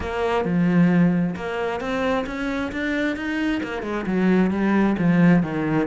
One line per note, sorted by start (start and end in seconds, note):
0.00 0.44 A#3
0.44 1.35 F3
1.35 1.80 A#3
1.80 2.25 C4
2.26 2.71 C#4
2.72 3.16 D4
3.16 3.61 D#4
3.63 3.82 A#3
3.82 4.05 G#3
4.06 4.51 F#3
4.51 4.96 G3
4.98 5.42 F3
5.42 5.87 D#3